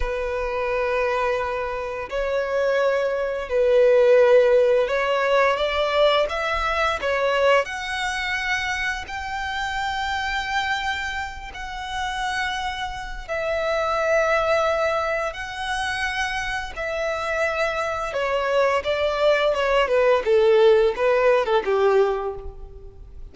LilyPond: \new Staff \with { instrumentName = "violin" } { \time 4/4 \tempo 4 = 86 b'2. cis''4~ | cis''4 b'2 cis''4 | d''4 e''4 cis''4 fis''4~ | fis''4 g''2.~ |
g''8 fis''2~ fis''8 e''4~ | e''2 fis''2 | e''2 cis''4 d''4 | cis''8 b'8 a'4 b'8. a'16 g'4 | }